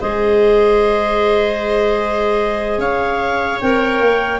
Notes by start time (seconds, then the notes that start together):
0.00 G#3 G#4 C5 D#5
2.78 C#4 C#5 F5
3.60 C4 A#4 G5
4.00 A#3